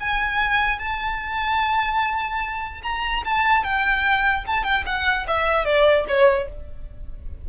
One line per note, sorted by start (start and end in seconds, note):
0.00 0.79 G#5
0.79 2.81 A5
2.83 3.23 A#5
3.25 3.63 A5
3.63 4.44 G5
4.47 4.64 A5
4.64 4.84 G5
4.86 5.26 F#5
5.27 5.65 E5
5.65 6.05 D5
6.08 6.48 C#5